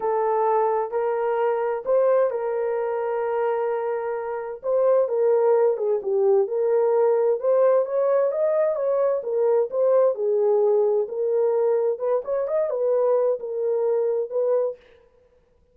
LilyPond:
\new Staff \with { instrumentName = "horn" } { \time 4/4 \tempo 4 = 130 a'2 ais'2 | c''4 ais'2.~ | ais'2 c''4 ais'4~ | ais'8 gis'8 g'4 ais'2 |
c''4 cis''4 dis''4 cis''4 | ais'4 c''4 gis'2 | ais'2 b'8 cis''8 dis''8 b'8~ | b'4 ais'2 b'4 | }